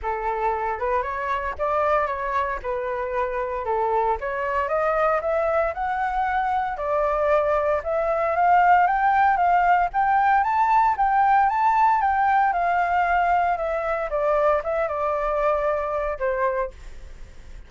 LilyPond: \new Staff \with { instrumentName = "flute" } { \time 4/4 \tempo 4 = 115 a'4. b'8 cis''4 d''4 | cis''4 b'2 a'4 | cis''4 dis''4 e''4 fis''4~ | fis''4 d''2 e''4 |
f''4 g''4 f''4 g''4 | a''4 g''4 a''4 g''4 | f''2 e''4 d''4 | e''8 d''2~ d''8 c''4 | }